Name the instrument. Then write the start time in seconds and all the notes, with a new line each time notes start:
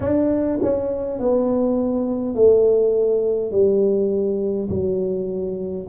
tuba
0.00 D4
0.61 C#4
1.19 B3
2.35 A3
3.51 G3
4.69 F#3